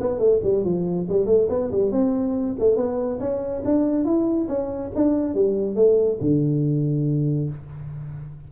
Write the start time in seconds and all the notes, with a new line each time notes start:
0.00 B3
0.19 A3
0.43 G3
0.64 F3
1.09 G3
1.26 A3
1.49 B3
1.71 G3
1.91 C4
2.59 A3
2.76 B3
3.20 C#4
3.64 D4
4.04 E4
4.48 C#4
4.95 D4
5.34 G3
5.75 A3
6.20 D3